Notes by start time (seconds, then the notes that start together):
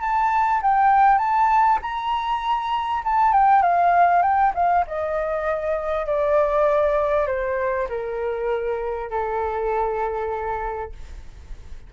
0.00 A5
0.62 G5
1.18 A5
1.81 A#5
3.04 A5
3.32 G5
3.62 F5
4.22 G5
4.54 F5
4.87 D#5
6.06 D5
7.27 C5
7.88 A#4
9.10 A4